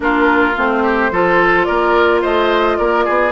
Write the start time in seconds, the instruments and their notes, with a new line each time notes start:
0.00 bassoon A#3, clarinet D4, oboe F4, flute A#4
0.56 bassoon A3, clarinet C4, flute C5
0.82 oboe G4
1.11 bassoon F3, clarinet F4, oboe A4
1.64 bassoon A#3, oboe A#4, flute D5
2.21 bassoon A3, oboe C5, flute D#5
2.77 bassoon A#3, oboe A#4, flute D5
3.05 bassoon B3, oboe G#4